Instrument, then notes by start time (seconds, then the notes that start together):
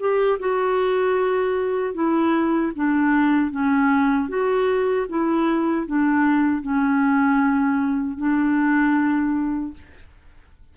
clarinet
0.00 G4
0.40 F#4
1.94 E4
2.76 D4
3.51 C#4
4.29 F#4
5.09 E4
5.87 D4
6.62 C#4
8.18 D4